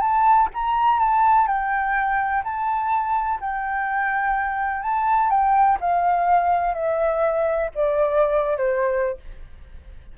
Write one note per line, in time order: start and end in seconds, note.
0.00 0.48 A5
0.54 0.99 A#5
0.99 1.47 A5
1.47 2.43 G5
2.44 3.40 A5
3.40 4.82 G5
4.82 5.30 A5
5.30 5.78 G5
5.80 6.74 F5
6.74 7.70 E5
7.75 8.57 D5
8.57 9.17 C5